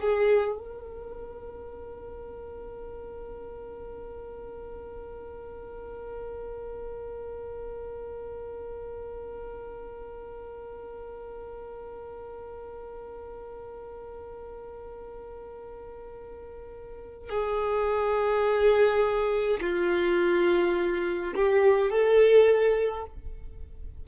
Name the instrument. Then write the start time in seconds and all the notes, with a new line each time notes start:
violin
0.00 G#4
0.58 A#4
17.29 G#4
19.60 F4
21.35 G4
21.90 A4